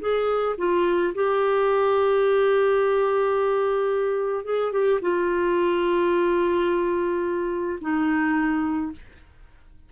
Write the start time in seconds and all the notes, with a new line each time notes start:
0.00 G#4
0.58 F4
1.14 G4
4.44 G#4
4.72 G4
5.01 F4
7.81 D#4